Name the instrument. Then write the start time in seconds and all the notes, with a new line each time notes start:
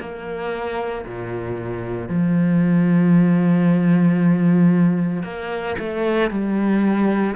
cello
0.00 A#3
1.06 A#2
2.09 F3
5.23 A#3
5.79 A3
6.31 G3